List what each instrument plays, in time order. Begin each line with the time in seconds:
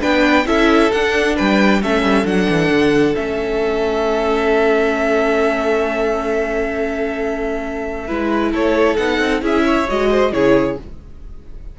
0.00 cello B3, viola D4, violin B4 G5
0.46 cello C#4, viola E4, violin A4 E5
0.91 cello D4, viola D4, violin F#5
1.36 cello G3, violin B4 G5
1.83 cello A3, viola C#4, violin A4 E5
2.02 cello G3
2.25 cello F#3, viola D4, violin F#5
2.49 cello E3
2.70 cello D3
3.15 cello A3, viola C#4, violin E5
8.07 cello G#3, viola E4, violin B4
8.52 cello A3, violin A4 C#5
8.96 cello B3, viola D#4, violin F#5
9.19 cello C4
9.41 cello C#4, viola E4, violin G#4 E5
9.65 violin C#5
9.88 cello G#3, viola F#4, violin D#5
10.10 violin C5
10.32 cello C#3, viola E4, violin G#4 C#5